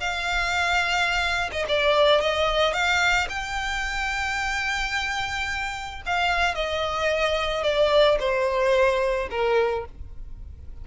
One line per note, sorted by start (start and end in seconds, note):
0.00 1.50 F5
1.52 1.66 D#5
1.68 2.21 D5
2.21 2.73 D#5
2.73 3.28 F5
3.29 6.02 G5
6.06 6.55 F5
6.55 7.63 D#5
7.63 8.18 D5
8.20 9.29 C5
9.30 9.85 A#4